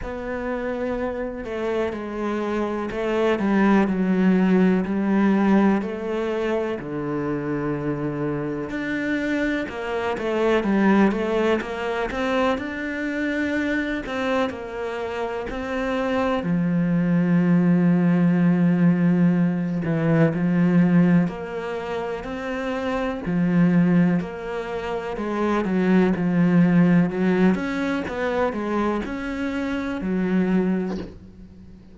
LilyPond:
\new Staff \with { instrumentName = "cello" } { \time 4/4 \tempo 4 = 62 b4. a8 gis4 a8 g8 | fis4 g4 a4 d4~ | d4 d'4 ais8 a8 g8 a8 | ais8 c'8 d'4. c'8 ais4 |
c'4 f2.~ | f8 e8 f4 ais4 c'4 | f4 ais4 gis8 fis8 f4 | fis8 cis'8 b8 gis8 cis'4 fis4 | }